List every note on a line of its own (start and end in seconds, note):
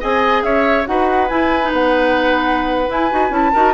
0.00 0.43 C4
0.00 0.85 G#4
0.00 0.43 D#5
0.00 0.43 G#5
0.43 0.85 C#4
0.43 0.87 C#5
0.43 0.85 E5
0.85 1.30 D#4
0.85 1.27 F#4
0.85 3.52 B4
0.85 1.28 F#5
1.28 1.60 E4
1.28 1.72 E4
1.28 1.71 G#5
1.61 2.87 D#4
1.72 2.89 B3
1.72 2.90 F#5
2.87 3.08 E4
2.87 3.10 E4
2.87 3.33 G#5
3.10 3.30 D#4
3.10 3.30 F#4
3.30 3.51 C#4
3.30 3.51 E4
3.30 3.73 A5
3.52 3.73 D#4
3.52 3.73 F#4
3.52 3.73 A#4